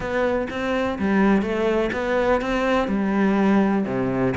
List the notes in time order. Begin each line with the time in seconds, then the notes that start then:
0.00 B3
0.49 C4
0.99 G3
1.42 A3
1.92 B3
2.41 C4
2.88 G3
3.85 C3